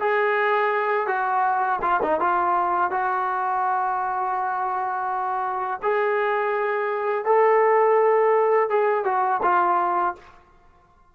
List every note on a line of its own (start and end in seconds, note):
0.00 1.07 G#4
1.07 1.80 F#4
1.82 2.00 F4
2.03 2.20 D#4
2.20 2.91 F4
2.91 5.81 F#4
5.83 7.26 G#4
7.26 8.70 A4
8.70 9.05 G#4
9.05 9.41 F#4
9.43 10.15 F4